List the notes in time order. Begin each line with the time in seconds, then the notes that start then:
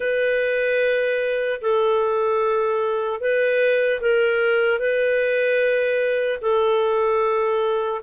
0.00 B4
1.61 A4
3.20 B4
4.00 A#4
4.79 B4
6.41 A4